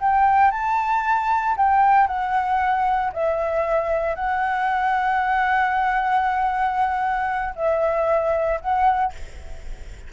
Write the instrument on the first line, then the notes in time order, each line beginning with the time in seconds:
flute
0.00 G5
0.51 A5
1.57 G5
2.08 F#5
3.13 E5
4.15 F#5
7.56 E5
8.61 F#5